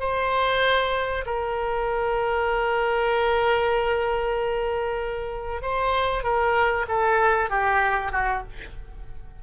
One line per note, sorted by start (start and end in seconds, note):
0.00 1.25 C5
1.26 5.62 A#4
5.62 6.23 C5
6.23 6.86 A#4
6.88 7.50 A4
7.50 8.12 G4
8.12 8.43 F#4